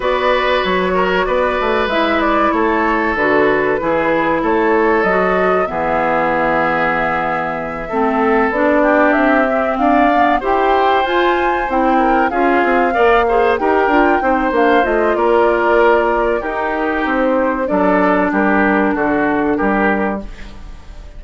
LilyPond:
<<
  \new Staff \with { instrumentName = "flute" } { \time 4/4 \tempo 4 = 95 d''4 cis''4 d''4 e''8 d''8 | cis''4 b'2 cis''4 | dis''4 e''2.~ | e''4. d''4 e''4 f''8~ |
f''8 g''4 gis''4 g''4 f''8~ | f''4. g''4. f''8 dis''8 | d''2 ais'4 c''4 | d''4 ais'4 a'4 ais'4 | }
  \new Staff \with { instrumentName = "oboe" } { \time 4/4 b'4. ais'8 b'2 | a'2 gis'4 a'4~ | a'4 gis'2.~ | gis'8 a'4. g'4. d''8~ |
d''8 c''2~ c''8 ais'8 gis'8~ | gis'8 d''8 c''8 ais'4 c''4. | ais'2 g'2 | a'4 g'4 fis'4 g'4 | }
  \new Staff \with { instrumentName = "clarinet" } { \time 4/4 fis'2. e'4~ | e'4 fis'4 e'2 | fis'4 b2.~ | b8 c'4 d'4. c'4 |
b8 g'4 f'4 e'4 f'8~ | f'8 ais'8 gis'8 g'8 f'8 dis'8 d'8 f'8~ | f'2 dis'2 | d'1 | }
  \new Staff \with { instrumentName = "bassoon" } { \time 4/4 b4 fis4 b8 a8 gis4 | a4 d4 e4 a4 | fis4 e2.~ | e8 a4 b4 c'4 d'8~ |
d'8 e'4 f'4 c'4 cis'8 | c'8 ais4 dis'8 d'8 c'8 ais8 a8 | ais2 dis'4 c'4 | fis4 g4 d4 g4 | }
>>